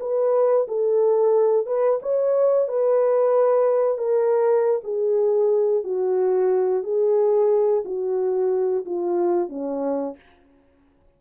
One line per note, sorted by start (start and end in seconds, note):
0.00 0.67 B4
0.68 1.66 A4
1.66 2.00 B4
2.02 2.68 C#5
2.68 3.98 B4
3.98 4.81 A#4
4.84 5.84 G#4
5.84 6.83 F#4
6.83 7.83 G#4
7.85 8.85 F#4
8.85 9.49 F4
9.49 10.16 C#4